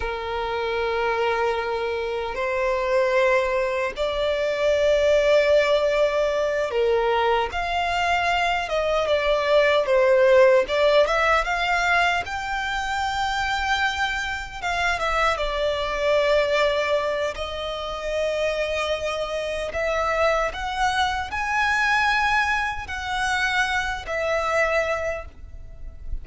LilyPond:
\new Staff \with { instrumentName = "violin" } { \time 4/4 \tempo 4 = 76 ais'2. c''4~ | c''4 d''2.~ | d''8 ais'4 f''4. dis''8 d''8~ | d''8 c''4 d''8 e''8 f''4 g''8~ |
g''2~ g''8 f''8 e''8 d''8~ | d''2 dis''2~ | dis''4 e''4 fis''4 gis''4~ | gis''4 fis''4. e''4. | }